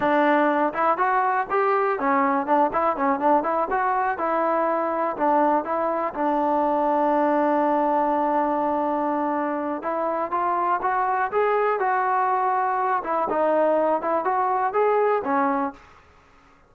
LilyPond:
\new Staff \with { instrumentName = "trombone" } { \time 4/4 \tempo 4 = 122 d'4. e'8 fis'4 g'4 | cis'4 d'8 e'8 cis'8 d'8 e'8 fis'8~ | fis'8 e'2 d'4 e'8~ | e'8 d'2.~ d'8~ |
d'1 | e'4 f'4 fis'4 gis'4 | fis'2~ fis'8 e'8 dis'4~ | dis'8 e'8 fis'4 gis'4 cis'4 | }